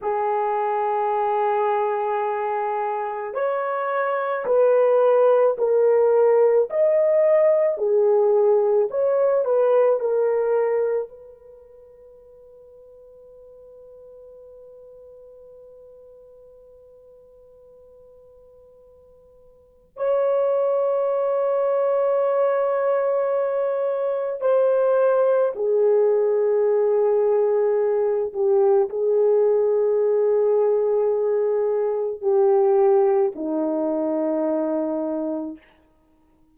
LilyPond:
\new Staff \with { instrumentName = "horn" } { \time 4/4 \tempo 4 = 54 gis'2. cis''4 | b'4 ais'4 dis''4 gis'4 | cis''8 b'8 ais'4 b'2~ | b'1~ |
b'2 cis''2~ | cis''2 c''4 gis'4~ | gis'4. g'8 gis'2~ | gis'4 g'4 dis'2 | }